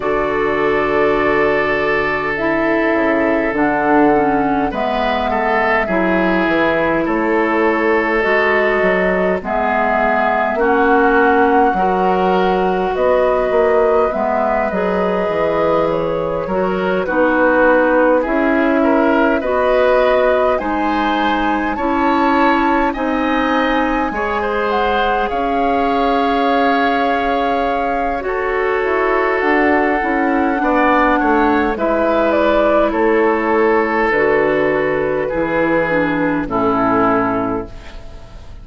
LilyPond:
<<
  \new Staff \with { instrumentName = "flute" } { \time 4/4 \tempo 4 = 51 d''2 e''4 fis''4 | e''2 cis''4 dis''4 | e''4 fis''2 dis''4 | e''8 dis''4 cis''4 b'4 e''8~ |
e''8 dis''4 gis''4 a''4 gis''8~ | gis''4 fis''8 f''2~ f''8 | cis''4 fis''2 e''8 d''8 | cis''4 b'2 a'4 | }
  \new Staff \with { instrumentName = "oboe" } { \time 4/4 a'1 | b'8 a'8 gis'4 a'2 | gis'4 fis'4 ais'4 b'4~ | b'2 ais'8 fis'4 gis'8 |
ais'8 b'4 c''4 cis''4 dis''8~ | dis''8 cis''16 c''8. cis''2~ cis''8 | a'2 d''8 cis''8 b'4 | a'2 gis'4 e'4 | }
  \new Staff \with { instrumentName = "clarinet" } { \time 4/4 fis'2 e'4 d'8 cis'8 | b4 e'2 fis'4 | b4 cis'4 fis'2 | b8 gis'4. fis'8 dis'4 e'8~ |
e'8 fis'4 dis'4 e'4 dis'8~ | dis'8 gis'2.~ gis'8 | fis'4. e'8 d'4 e'4~ | e'4 fis'4 e'8 d'8 cis'4 | }
  \new Staff \with { instrumentName = "bassoon" } { \time 4/4 d2~ d8 cis8 d4 | gis4 fis8 e8 a4 gis8 fis8 | gis4 ais4 fis4 b8 ais8 | gis8 fis8 e4 fis8 b4 cis'8~ |
cis'8 b4 gis4 cis'4 c'8~ | c'8 gis4 cis'2~ cis'8 | fis'8 e'8 d'8 cis'8 b8 a8 gis4 | a4 d4 e4 a,4 | }
>>